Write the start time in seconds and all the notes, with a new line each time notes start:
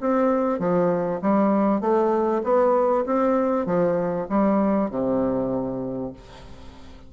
0.00 C4
0.59 F3
1.21 G3
1.81 A3
2.44 B3
3.06 C4
3.66 F3
4.29 G3
4.90 C3